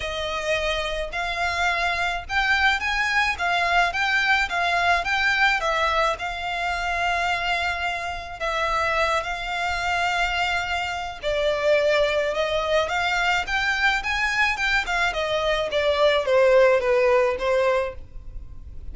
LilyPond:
\new Staff \with { instrumentName = "violin" } { \time 4/4 \tempo 4 = 107 dis''2 f''2 | g''4 gis''4 f''4 g''4 | f''4 g''4 e''4 f''4~ | f''2. e''4~ |
e''8 f''2.~ f''8 | d''2 dis''4 f''4 | g''4 gis''4 g''8 f''8 dis''4 | d''4 c''4 b'4 c''4 | }